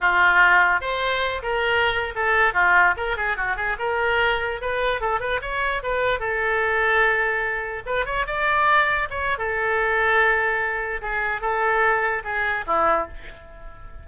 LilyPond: \new Staff \with { instrumentName = "oboe" } { \time 4/4 \tempo 4 = 147 f'2 c''4. ais'8~ | ais'4~ ais'16 a'4 f'4 ais'8 gis'16~ | gis'16 fis'8 gis'8 ais'2 b'8.~ | b'16 a'8 b'8 cis''4 b'4 a'8.~ |
a'2.~ a'16 b'8 cis''16~ | cis''16 d''2 cis''8. a'4~ | a'2. gis'4 | a'2 gis'4 e'4 | }